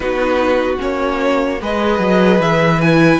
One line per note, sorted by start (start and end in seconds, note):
0.00 0.77 B3
0.00 0.77 D#4
0.00 1.61 F#4
0.00 0.77 B4
0.77 1.61 A#3
0.77 1.57 C#4
0.77 1.61 C#5
1.61 1.98 G#3
1.61 2.81 G#4
1.61 3.20 B4
1.61 2.41 D#5
1.98 2.38 F#3
2.39 3.19 E3
2.39 2.81 E5
2.81 3.20 E4
2.81 3.20 G#5